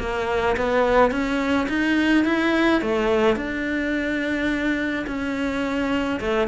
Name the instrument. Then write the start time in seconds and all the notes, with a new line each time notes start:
cello
0.00 A#3
0.57 B3
1.11 C#4
1.69 D#4
2.25 E4
2.82 A3
3.36 D4
5.07 C#4
6.21 A3